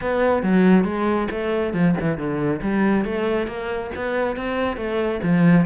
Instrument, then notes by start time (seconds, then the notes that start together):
cello
0.01 B3
0.42 F#3
0.84 G#3
1.30 A3
1.73 F3
2.00 E3
2.17 D3
2.62 G3
3.05 A3
3.47 A#3
3.95 B3
4.36 C4
4.76 A3
5.22 F3